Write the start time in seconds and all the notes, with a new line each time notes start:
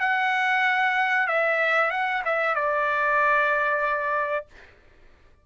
0.00 F#5
1.28 E5
1.91 F#5
2.25 E5
2.55 D5